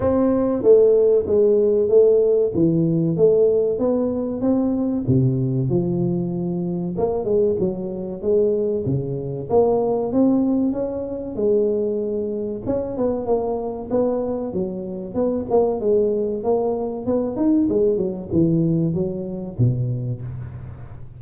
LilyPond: \new Staff \with { instrumentName = "tuba" } { \time 4/4 \tempo 4 = 95 c'4 a4 gis4 a4 | e4 a4 b4 c'4 | c4 f2 ais8 gis8 | fis4 gis4 cis4 ais4 |
c'4 cis'4 gis2 | cis'8 b8 ais4 b4 fis4 | b8 ais8 gis4 ais4 b8 dis'8 | gis8 fis8 e4 fis4 b,4 | }